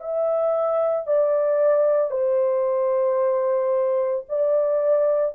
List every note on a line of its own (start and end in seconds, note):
0.00 1.07 E5
1.07 2.11 D5
2.11 4.25 C5
4.29 5.35 D5